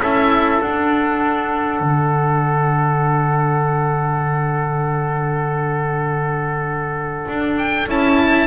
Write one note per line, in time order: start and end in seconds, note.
0.00 0.61 C#4
0.00 0.61 E4
0.00 8.47 A4
0.00 0.62 E5
0.61 7.88 D4
0.61 1.80 D4
0.61 7.58 F#5
1.80 7.26 D3
7.28 7.87 D4
7.58 7.88 G5
7.87 8.47 C#4
7.87 8.47 E4
7.87 8.47 A5